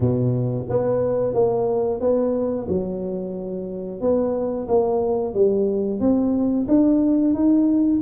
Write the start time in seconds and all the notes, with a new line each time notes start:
0.00 B2
0.69 B3
1.33 A#3
2.00 B3
2.68 F#3
4.00 B3
4.68 A#3
5.33 G3
6.00 C4
6.68 D4
7.33 D#4